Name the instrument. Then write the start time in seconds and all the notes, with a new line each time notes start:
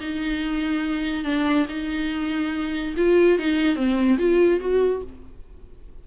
viola
0.00 D#4
1.24 D4
1.68 D#4
2.96 F4
3.38 D#4
3.76 C4
4.18 F4
4.60 F#4